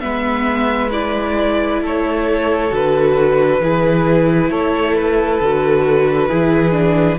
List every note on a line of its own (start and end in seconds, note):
0.00 1.81 G#3
0.00 0.90 B3
0.00 1.82 B4
0.00 0.90 E5
0.91 2.70 E4
0.91 1.81 D5
1.81 2.71 A3
1.81 3.61 A4
1.81 2.75 C#5
2.70 3.60 D3
2.70 3.59 F#4
2.70 4.51 B4
3.60 4.49 E3
3.60 5.41 E4
3.60 4.50 G#4
4.49 5.39 A3
4.49 6.28 A4
4.49 4.95 C#5
4.95 7.18 B4
5.40 6.29 D3
5.40 6.29 F#4
6.28 7.18 E3
6.28 6.71 E4
6.28 7.18 G#4
6.71 7.16 D4